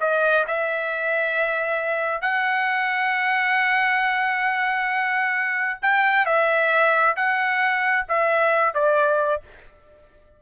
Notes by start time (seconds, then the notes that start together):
0.00 D#5
0.47 E5
2.21 F#5
5.82 G5
6.25 E5
7.16 F#5
8.08 E5
8.74 D5